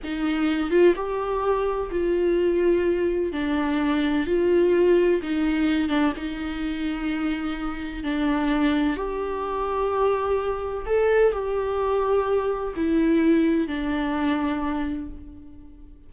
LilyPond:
\new Staff \with { instrumentName = "viola" } { \time 4/4 \tempo 4 = 127 dis'4. f'8 g'2 | f'2. d'4~ | d'4 f'2 dis'4~ | dis'8 d'8 dis'2.~ |
dis'4 d'2 g'4~ | g'2. a'4 | g'2. e'4~ | e'4 d'2. | }